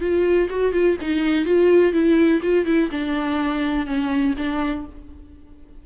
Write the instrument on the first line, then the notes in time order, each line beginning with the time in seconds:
viola
0.00 F4
0.49 F#4
0.73 F4
1.01 D#4
1.45 F4
1.92 E4
2.42 F4
2.65 E4
2.91 D4
3.86 C#4
4.38 D4